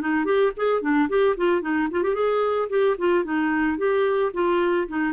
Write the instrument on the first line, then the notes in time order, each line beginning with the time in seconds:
clarinet
0.00 D#4
0.25 G4
0.56 G#4
0.81 D4
1.09 G4
1.37 F4
1.61 D#4
1.90 F4
2.03 G4
2.14 G#4
2.69 G4
2.98 F4
3.24 D#4
3.77 G4
4.33 F4
4.88 D#4